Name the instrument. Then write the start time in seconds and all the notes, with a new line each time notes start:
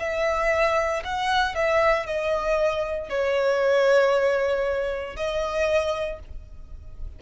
violin
0.00 E5
1.04 F#5
1.56 E5
2.07 D#5
3.10 C#5
5.17 D#5